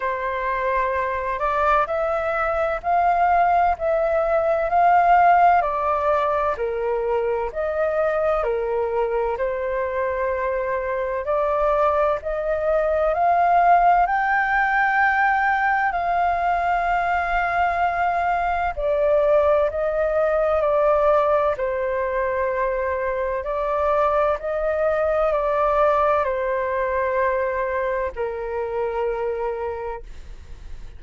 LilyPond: \new Staff \with { instrumentName = "flute" } { \time 4/4 \tempo 4 = 64 c''4. d''8 e''4 f''4 | e''4 f''4 d''4 ais'4 | dis''4 ais'4 c''2 | d''4 dis''4 f''4 g''4~ |
g''4 f''2. | d''4 dis''4 d''4 c''4~ | c''4 d''4 dis''4 d''4 | c''2 ais'2 | }